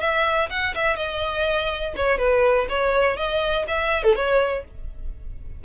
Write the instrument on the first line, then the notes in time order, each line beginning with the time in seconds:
violin
0.00 E5
0.50 F#5
0.75 E5
0.96 D#5
1.96 C#5
2.18 B4
2.69 C#5
3.16 D#5
3.67 E5
4.03 A4
4.15 C#5